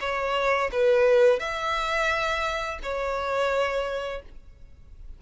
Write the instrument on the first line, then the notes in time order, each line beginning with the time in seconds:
violin
0.00 C#5
0.72 B4
1.39 E5
2.82 C#5